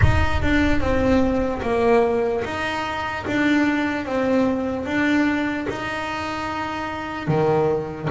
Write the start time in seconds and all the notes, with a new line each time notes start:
0.01 D#4
0.42 D4
0.80 C4
1.62 A#3
2.44 D#4
3.27 D4
4.05 C4
4.85 D4
5.69 D#4
7.27 D#3